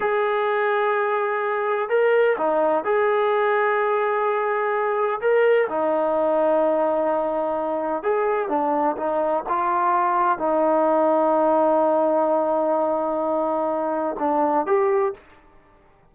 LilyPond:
\new Staff \with { instrumentName = "trombone" } { \time 4/4 \tempo 4 = 127 gis'1 | ais'4 dis'4 gis'2~ | gis'2. ais'4 | dis'1~ |
dis'4 gis'4 d'4 dis'4 | f'2 dis'2~ | dis'1~ | dis'2 d'4 g'4 | }